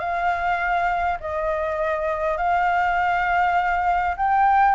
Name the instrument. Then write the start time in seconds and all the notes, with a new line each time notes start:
flute
0.00 F5
1.21 D#5
2.38 F5
4.17 G5